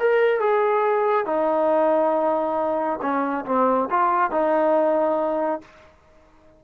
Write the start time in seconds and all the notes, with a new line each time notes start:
0.00 A#4
0.40 G#4
1.26 D#4
3.02 C#4
3.46 C4
3.91 F4
4.31 D#4